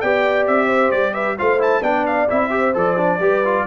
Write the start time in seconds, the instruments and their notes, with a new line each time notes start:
0.00 tuba B3, trombone G4, horn D5, trumpet G5
0.47 tuba C4, trumpet E5
0.67 horn C5
0.91 tuba G3, trumpet D5
1.13 horn B4, trumpet E5
1.38 tuba A3, trombone F4, horn C5, trumpet F5
1.59 trombone E4, trumpet A5
1.81 tuba B3, trombone D4, horn D5, trumpet G5
2.06 trumpet F5
2.29 tuba C4, trombone E4, trumpet E5
2.50 trombone G4, horn C5
2.74 tuba F3, trombone A4, trumpet D5
2.97 trombone D4
3.18 tuba G3, trombone G4, horn B4
3.44 trombone F4